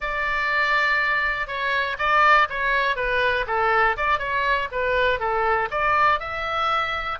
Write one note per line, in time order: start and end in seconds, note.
0.00 1.47 D5
1.47 1.96 C#5
1.98 2.47 D5
2.49 2.96 C#5
2.96 3.45 B4
3.46 3.96 A4
3.96 4.19 D5
4.19 4.68 C#5
4.71 5.19 B4
5.19 5.69 A4
5.70 6.19 D5
6.19 7.18 E5